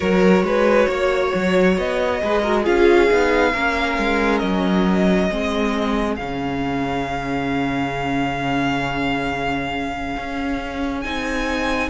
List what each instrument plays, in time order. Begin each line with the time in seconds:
0.00 cello F#3, viola F#4, violin A#4 C#5
0.42 cello G#3, violin B4
0.88 cello A#3, violin C#5
1.34 cello F#3
1.77 cello B3, violin D#5
2.20 cello G#3, viola G#4, violin B4
2.41 viola F#4, violin A#4
2.62 cello C#4, viola F4, violin G#4 F5
3.09 cello B3, viola D#4
3.53 cello A#3, viola C#4, violin A#4
3.98 cello G#3
4.38 cello F#3, violin D#5
5.29 cello G#3, viola C4, violin G#4
6.16 cello C#3, viola C#4, violin F5
10.16 cello C#4
11.01 cello C4, viola D#4, violin G#5